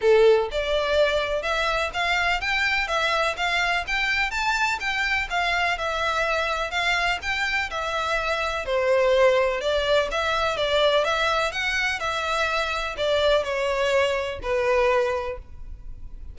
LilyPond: \new Staff \with { instrumentName = "violin" } { \time 4/4 \tempo 4 = 125 a'4 d''2 e''4 | f''4 g''4 e''4 f''4 | g''4 a''4 g''4 f''4 | e''2 f''4 g''4 |
e''2 c''2 | d''4 e''4 d''4 e''4 | fis''4 e''2 d''4 | cis''2 b'2 | }